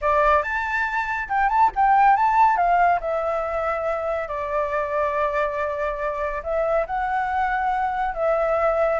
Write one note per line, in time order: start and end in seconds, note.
0.01 0.42 D5
0.42 1.28 A5
1.29 1.49 G5
1.49 1.70 A5
1.75 2.16 G5
2.16 2.56 A5
2.56 2.99 F5
3.00 4.28 E5
4.28 6.42 D5
6.43 6.86 E5
6.86 8.14 F#5
8.14 8.99 E5